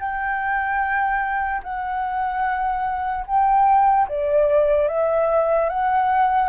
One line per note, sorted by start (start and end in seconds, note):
0.00 1.62 G5
1.63 3.25 F#5
3.27 4.08 G5
4.08 4.88 D5
4.88 5.69 E5
5.70 6.49 F#5